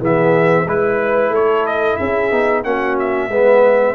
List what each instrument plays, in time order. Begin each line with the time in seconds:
0.00 tuba E3, trombone B3, horn G#4, trumpet E5
0.66 tuba G#3, trombone E4, horn B4, trumpet B4
1.30 tuba A3, horn A4, trumpet C#5
1.67 trumpet D#5
1.97 tuba C#4, horn G#4, trumpet E5
2.32 tuba B3, trombone D#4
2.64 tuba A#3, trombone C#4, horn F#4, trumpet F#5
3.00 trumpet E5
3.29 tuba G#3, trombone B3, horn B4